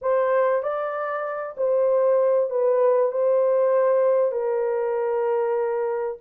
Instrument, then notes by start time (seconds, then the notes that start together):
horn
0.01 C5
0.62 D5
1.57 C5
2.49 B4
3.11 C5
4.32 A#4